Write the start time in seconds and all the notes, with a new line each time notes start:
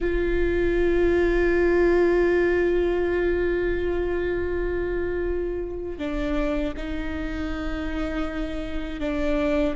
0.00 F4
5.98 D4
6.76 D#4
9.00 D4